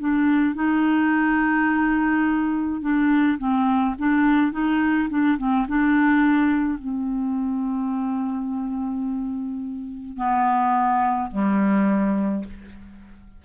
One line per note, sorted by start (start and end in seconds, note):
0.00 0.55 D4
0.55 2.81 D#4
2.81 3.38 D4
3.39 3.95 C4
3.99 4.52 D4
4.52 5.09 D#4
5.09 5.38 D4
5.38 5.67 C4
5.68 6.79 D4
6.79 10.17 C4
10.17 11.30 B3
11.32 12.45 G3